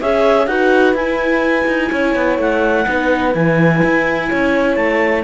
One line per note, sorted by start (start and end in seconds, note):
0.00 0.47 C#4
0.00 0.48 G#4
0.00 0.48 C#5
0.00 0.47 E5
0.47 0.94 D#4
0.47 0.96 F#4
0.47 1.91 B4
0.47 0.95 F#5
0.94 1.66 E4
0.94 2.86 E4
0.94 2.38 G#5
1.67 1.91 D#4
1.91 2.15 C#4
1.91 2.86 C#5
2.15 2.38 B3
2.38 2.86 A3
2.38 3.35 F#5
2.86 3.35 B3
2.86 3.33 D#4
2.86 4.29 B4
3.33 3.83 E3
3.33 5.24 E4
3.33 4.76 G#5
3.84 4.31 E4
4.29 4.76 C#4
4.29 5.24 C#5
4.76 5.24 A3
4.76 5.23 A5